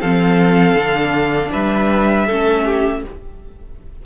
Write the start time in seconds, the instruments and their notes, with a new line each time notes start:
0.00 cello F3, viola C4, violin A4 F5
0.75 cello D3, viola D4
1.52 cello G3, violin B4 E5
2.26 cello A3, viola C#4, violin A4
2.64 violin G4